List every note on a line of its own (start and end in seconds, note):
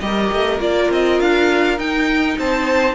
0.00 0.31 G3
0.00 0.59 G4
0.00 2.39 A#4
0.00 0.59 D#5
0.32 0.60 A3
0.59 0.89 A#3
0.59 1.77 F4
0.59 0.91 D5
0.90 1.20 C4
0.90 1.20 D#5
1.20 1.78 D4
1.20 1.79 F5
1.77 2.94 D#4
1.77 2.37 D#4
1.77 2.38 G5
2.38 2.94 C4
2.38 2.94 C5
2.38 2.94 A5